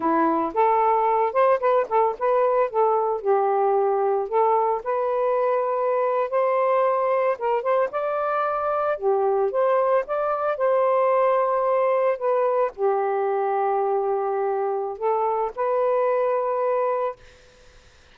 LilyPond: \new Staff \with { instrumentName = "saxophone" } { \time 4/4 \tempo 4 = 112 e'4 a'4. c''8 b'8 a'8 | b'4 a'4 g'2 | a'4 b'2~ b'8. c''16~ | c''4.~ c''16 ais'8 c''8 d''4~ d''16~ |
d''8. g'4 c''4 d''4 c''16~ | c''2~ c''8. b'4 g'16~ | g'1 | a'4 b'2. | }